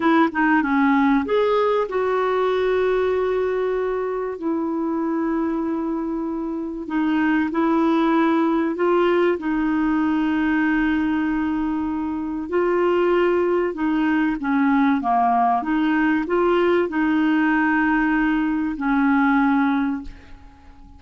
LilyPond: \new Staff \with { instrumentName = "clarinet" } { \time 4/4 \tempo 4 = 96 e'8 dis'8 cis'4 gis'4 fis'4~ | fis'2. e'4~ | e'2. dis'4 | e'2 f'4 dis'4~ |
dis'1 | f'2 dis'4 cis'4 | ais4 dis'4 f'4 dis'4~ | dis'2 cis'2 | }